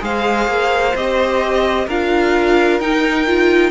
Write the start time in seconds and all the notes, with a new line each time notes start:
0.00 G#3 G#4 C5 F5
0.47 A#3
0.95 C4 G4 D#5
1.86 D4 F4 A#4 F5
2.79 D#4 G5
3.27 F4